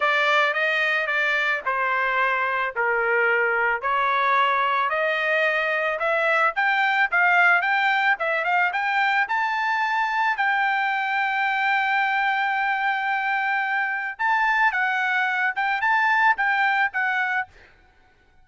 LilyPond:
\new Staff \with { instrumentName = "trumpet" } { \time 4/4 \tempo 4 = 110 d''4 dis''4 d''4 c''4~ | c''4 ais'2 cis''4~ | cis''4 dis''2 e''4 | g''4 f''4 g''4 e''8 f''8 |
g''4 a''2 g''4~ | g''1~ | g''2 a''4 fis''4~ | fis''8 g''8 a''4 g''4 fis''4 | }